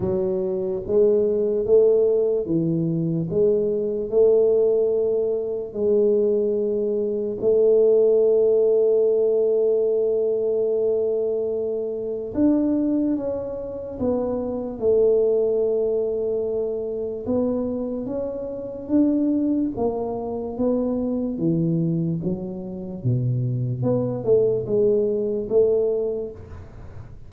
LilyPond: \new Staff \with { instrumentName = "tuba" } { \time 4/4 \tempo 4 = 73 fis4 gis4 a4 e4 | gis4 a2 gis4~ | gis4 a2.~ | a2. d'4 |
cis'4 b4 a2~ | a4 b4 cis'4 d'4 | ais4 b4 e4 fis4 | b,4 b8 a8 gis4 a4 | }